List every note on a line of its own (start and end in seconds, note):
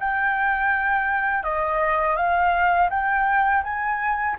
0.00 1.44 G5
1.44 2.17 D#5
2.17 2.90 F5
2.90 3.63 G5
3.64 4.37 G#5